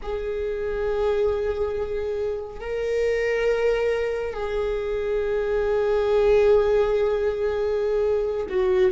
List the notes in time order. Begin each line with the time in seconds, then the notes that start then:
0.02 G#4
2.60 A#4
4.33 G#4
8.49 F#4